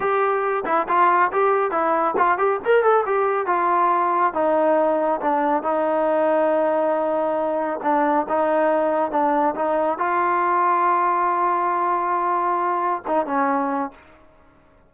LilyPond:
\new Staff \with { instrumentName = "trombone" } { \time 4/4 \tempo 4 = 138 g'4. e'8 f'4 g'4 | e'4 f'8 g'8 ais'8 a'8 g'4 | f'2 dis'2 | d'4 dis'2.~ |
dis'2 d'4 dis'4~ | dis'4 d'4 dis'4 f'4~ | f'1~ | f'2 dis'8 cis'4. | }